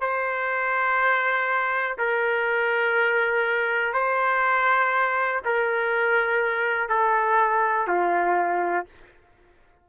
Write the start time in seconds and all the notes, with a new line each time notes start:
0.00 C5
1.98 A#4
3.93 C5
5.45 A#4
6.89 A4
7.87 F4